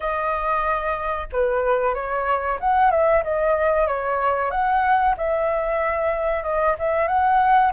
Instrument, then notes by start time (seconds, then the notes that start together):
flute
0.00 D#5
1.32 B4
1.94 C#5
2.60 F#5
2.91 E5
3.23 D#5
3.87 C#5
4.50 F#5
5.17 E5
6.43 D#5
6.79 E5
7.07 F#5